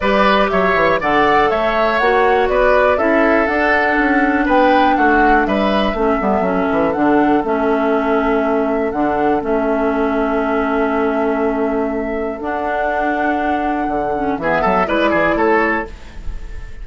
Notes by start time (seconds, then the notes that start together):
0.00 G3 G4 B4 D5
0.49 F#3 C#5 E5
0.75 E3
1.00 D3 A4 D5 F#5
1.50 A3 C#5 E5
1.98 A#3 F#4 F#5
2.48 B3 B4 D5
2.97 C#4 E4 A4 E5
3.46 D4 F#5
3.99 C#4
4.45 B3 B4 G5
4.96 A3 F#4 F#5
5.46 G3 B4 E5
5.93 A3 C#4 A4
6.20 G3 B3
6.41 F#3 C#4
6.71 E3
6.92 D3 D4 F#5
7.43 A3 C#4 E5
8.91 D3 D4 F#5
9.40 A3 C#4 E5
12.40 D4 F#5
13.87 D3
14.15 C#4
14.38 E3 B3 G#4 E5
14.61 F#3 A4
14.85 G#3 E4 B4 D5
15.10 E3 G#4
15.34 A3 A4 C#5